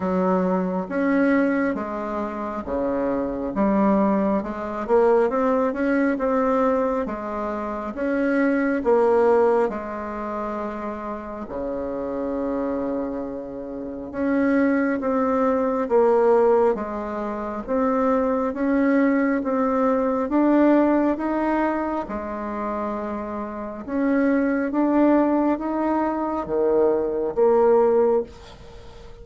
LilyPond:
\new Staff \with { instrumentName = "bassoon" } { \time 4/4 \tempo 4 = 68 fis4 cis'4 gis4 cis4 | g4 gis8 ais8 c'8 cis'8 c'4 | gis4 cis'4 ais4 gis4~ | gis4 cis2. |
cis'4 c'4 ais4 gis4 | c'4 cis'4 c'4 d'4 | dis'4 gis2 cis'4 | d'4 dis'4 dis4 ais4 | }